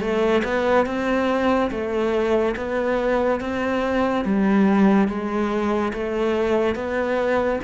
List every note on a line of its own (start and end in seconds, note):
0.00 0.42 A3
0.44 0.86 B3
0.86 1.70 C4
1.71 2.55 A3
2.56 3.40 B3
3.40 4.24 C4
4.24 5.07 G3
5.07 5.92 G#3
5.93 6.75 A3
6.75 7.59 B3